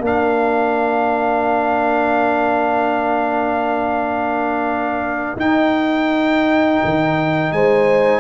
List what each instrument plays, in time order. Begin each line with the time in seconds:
0.00 tuba A#3, trombone D4, horn A#4
0.06 trumpet F5
5.36 tuba D#4, trombone D#4, trumpet G5
6.84 tuba D#3
7.52 tuba G#3, horn C5, trumpet G#5